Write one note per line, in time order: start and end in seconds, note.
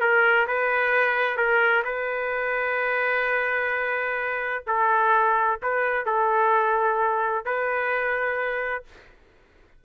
0.00 0.47 A#4
0.47 1.37 B4
1.37 1.83 A#4
1.84 4.63 B4
4.67 5.60 A4
5.62 6.05 B4
6.05 7.45 A4
7.45 8.84 B4